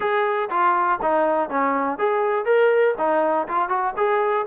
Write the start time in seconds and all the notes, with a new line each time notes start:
0.00 G#4
0.50 F4
1.02 D#4
1.49 C#4
1.98 G#4
2.45 A#4
2.98 D#4
3.48 F4
3.68 F#4
3.96 G#4